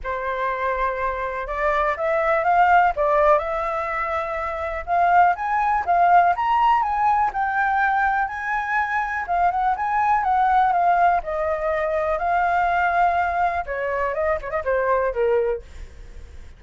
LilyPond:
\new Staff \with { instrumentName = "flute" } { \time 4/4 \tempo 4 = 123 c''2. d''4 | e''4 f''4 d''4 e''4~ | e''2 f''4 gis''4 | f''4 ais''4 gis''4 g''4~ |
g''4 gis''2 f''8 fis''8 | gis''4 fis''4 f''4 dis''4~ | dis''4 f''2. | cis''4 dis''8 cis''16 dis''16 c''4 ais'4 | }